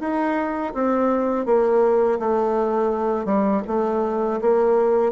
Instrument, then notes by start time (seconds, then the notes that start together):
bassoon
0.00 D#4
0.74 C4
1.45 A#3
2.19 A3
3.25 G3
3.67 A3
4.41 A#3